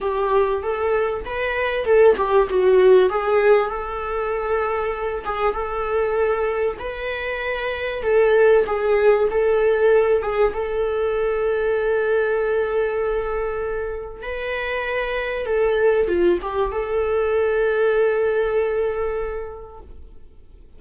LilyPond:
\new Staff \with { instrumentName = "viola" } { \time 4/4 \tempo 4 = 97 g'4 a'4 b'4 a'8 g'8 | fis'4 gis'4 a'2~ | a'8 gis'8 a'2 b'4~ | b'4 a'4 gis'4 a'4~ |
a'8 gis'8 a'2.~ | a'2. b'4~ | b'4 a'4 f'8 g'8 a'4~ | a'1 | }